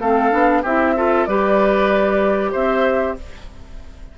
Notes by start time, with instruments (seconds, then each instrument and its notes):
0.00 bassoon A3, clarinet C4, oboe A4, flute F5
0.31 bassoon B3, clarinet D4
0.63 bassoon C4, clarinet E4, oboe G4, flute E5
0.97 clarinet F4, oboe A4
1.26 bassoon G3, clarinet G4, oboe B4, flute D5
2.52 bassoon C4, oboe C5, flute E5